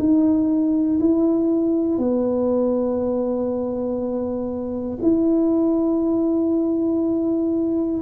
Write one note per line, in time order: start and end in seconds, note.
0.00 1.00 D#4
1.01 1.98 E4
1.98 4.98 B3
5.03 8.03 E4